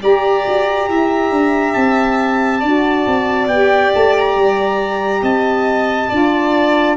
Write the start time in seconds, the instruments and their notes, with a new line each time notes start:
0.00 saxophone G4, tuba G4, violin D5, trumpet A#5
0.47 tuba F#4
0.88 tuba E4, violin E5
1.30 tuba D4
1.73 tuba C4, trumpet A5
2.59 tuba D4, saxophone F#4, violin D5
3.06 tuba C4
3.47 tuba B3, saxophone G4, trumpet G5
3.94 tuba A3, trumpet A5
4.17 trumpet A#5
4.36 tuba G3
5.22 tuba C4, violin D#5, trumpet A5
6.09 tuba D4, saxophone F4, violin D5